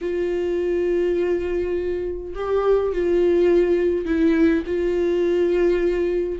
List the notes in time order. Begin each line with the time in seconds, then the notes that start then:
0.01 F4
2.35 G4
2.93 F4
4.05 E4
4.66 F4